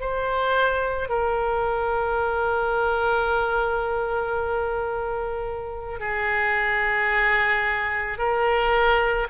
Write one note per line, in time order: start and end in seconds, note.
0.00 1.09 C5
1.09 6.00 A#4
6.00 8.18 G#4
8.18 9.27 A#4